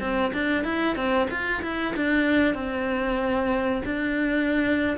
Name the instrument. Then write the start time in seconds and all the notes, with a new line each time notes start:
cello
0.00 C4
0.33 D4
0.64 E4
0.96 C4
1.30 F4
1.62 E4
1.96 D4
2.54 C4
3.85 D4